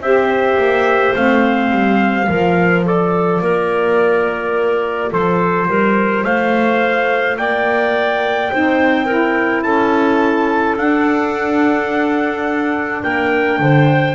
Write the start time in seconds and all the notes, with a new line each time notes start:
0.00 C4 G4 C5 E5
0.57 A#3
1.15 A3 C4 F5
1.71 G3
2.24 F3 F4 A#4
2.85 A4 D5
3.41 A#3 A#4
5.10 F3 A4 C5
5.68 G3 A#4
6.24 A3 C5 F5
7.37 A#3 D5 G5
8.52 C4 D#4 C5
9.05 E4 A#4
9.63 C#4 A4 A5
10.77 D4 F#5
13.02 A#3 A#4 G5
13.59 D3 C5